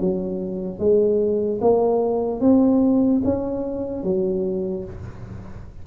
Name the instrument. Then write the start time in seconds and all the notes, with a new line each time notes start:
tuba
0.00 F#3
0.79 G#3
1.61 A#3
2.40 C4
3.24 C#4
4.03 F#3